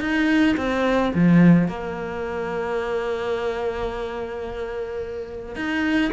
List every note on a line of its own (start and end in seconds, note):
0.00 0.56 D#4
0.57 1.12 C4
1.14 1.67 F3
1.67 5.55 A#3
5.55 6.11 D#4